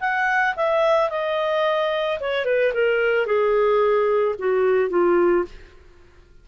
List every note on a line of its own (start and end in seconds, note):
0.00 0.55 F#5
0.56 1.10 E5
1.10 2.19 D#5
2.20 2.45 C#5
2.45 2.72 B4
2.74 3.26 A#4
3.26 4.35 G#4
4.39 4.90 F#4
4.90 5.44 F4